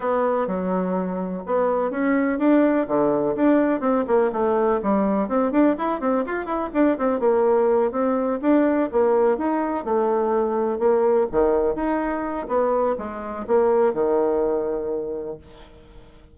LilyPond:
\new Staff \with { instrumentName = "bassoon" } { \time 4/4 \tempo 4 = 125 b4 fis2 b4 | cis'4 d'4 d4 d'4 | c'8 ais8 a4 g4 c'8 d'8 | e'8 c'8 f'8 e'8 d'8 c'8 ais4~ |
ais8 c'4 d'4 ais4 dis'8~ | dis'8 a2 ais4 dis8~ | dis8 dis'4. b4 gis4 | ais4 dis2. | }